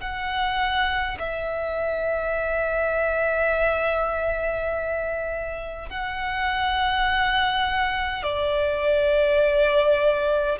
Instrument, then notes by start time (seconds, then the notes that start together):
violin
0.00 F#5
1.19 E5
5.89 F#5
8.23 D5